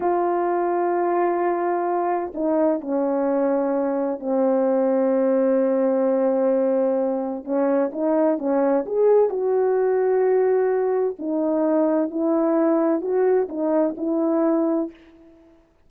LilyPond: \new Staff \with { instrumentName = "horn" } { \time 4/4 \tempo 4 = 129 f'1~ | f'4 dis'4 cis'2~ | cis'4 c'2.~ | c'1 |
cis'4 dis'4 cis'4 gis'4 | fis'1 | dis'2 e'2 | fis'4 dis'4 e'2 | }